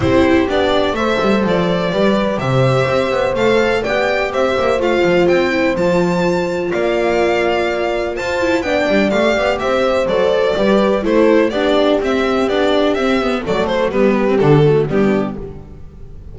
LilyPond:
<<
  \new Staff \with { instrumentName = "violin" } { \time 4/4 \tempo 4 = 125 c''4 d''4 e''4 d''4~ | d''4 e''2 f''4 | g''4 e''4 f''4 g''4 | a''2 f''2~ |
f''4 a''4 g''4 f''4 | e''4 d''2 c''4 | d''4 e''4 d''4 e''4 | d''8 c''8 b'4 a'4 g'4 | }
  \new Staff \with { instrumentName = "horn" } { \time 4/4 g'2 c''2 | b'4 c''2. | d''4 c''2.~ | c''2 d''2~ |
d''4 c''4 d''2 | c''2 b'4 a'4 | g'1 | a'4 g'4. fis'8 d'4 | }
  \new Staff \with { instrumentName = "viola" } { \time 4/4 e'4 d'4 a'2 | g'2. a'4 | g'2 f'4. e'8 | f'1~ |
f'4. e'8 d'4 g'4~ | g'4 a'4 g'4 e'4 | d'4 c'4 d'4 c'8 b8 | a4 b8. c'16 d'8 a8 b4 | }
  \new Staff \with { instrumentName = "double bass" } { \time 4/4 c'4 b4 a8 g8 f4 | g4 c4 c'8 b8 a4 | b4 c'8 ais8 a8 f8 c'4 | f2 ais2~ |
ais4 f'4 b8 g8 a8 b8 | c'4 fis4 g4 a4 | b4 c'4 b4 c'4 | fis4 g4 d4 g4 | }
>>